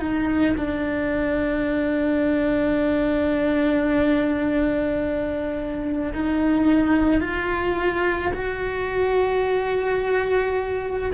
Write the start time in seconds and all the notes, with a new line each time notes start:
0.00 D#4
0.58 D4
6.14 D#4
7.21 F4
8.34 F#4